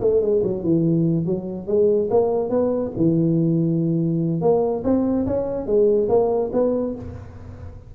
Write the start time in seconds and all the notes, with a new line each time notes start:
0.00 A3
0.21 G#3
0.43 F#3
0.63 E3
1.25 F#3
1.67 G#3
2.10 A#3
2.49 B3
2.96 E3
4.41 A#3
4.84 C4
5.26 C#4
5.66 G#3
6.09 A#3
6.53 B3